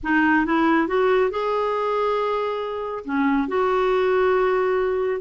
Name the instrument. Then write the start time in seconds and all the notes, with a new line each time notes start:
clarinet
0.03 D#4
0.45 E4
0.87 F#4
1.30 G#4
3.05 C#4
3.48 F#4